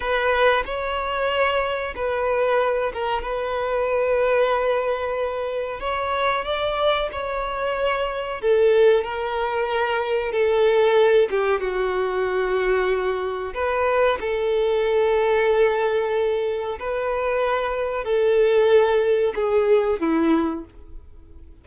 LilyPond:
\new Staff \with { instrumentName = "violin" } { \time 4/4 \tempo 4 = 93 b'4 cis''2 b'4~ | b'8 ais'8 b'2.~ | b'4 cis''4 d''4 cis''4~ | cis''4 a'4 ais'2 |
a'4. g'8 fis'2~ | fis'4 b'4 a'2~ | a'2 b'2 | a'2 gis'4 e'4 | }